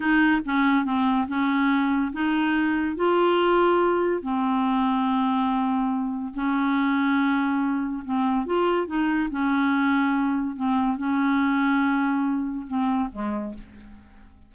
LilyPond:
\new Staff \with { instrumentName = "clarinet" } { \time 4/4 \tempo 4 = 142 dis'4 cis'4 c'4 cis'4~ | cis'4 dis'2 f'4~ | f'2 c'2~ | c'2. cis'4~ |
cis'2. c'4 | f'4 dis'4 cis'2~ | cis'4 c'4 cis'2~ | cis'2 c'4 gis4 | }